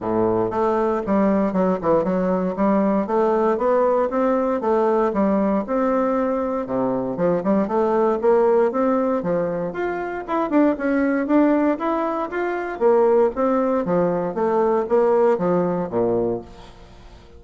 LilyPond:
\new Staff \with { instrumentName = "bassoon" } { \time 4/4 \tempo 4 = 117 a,4 a4 g4 fis8 e8 | fis4 g4 a4 b4 | c'4 a4 g4 c'4~ | c'4 c4 f8 g8 a4 |
ais4 c'4 f4 f'4 | e'8 d'8 cis'4 d'4 e'4 | f'4 ais4 c'4 f4 | a4 ais4 f4 ais,4 | }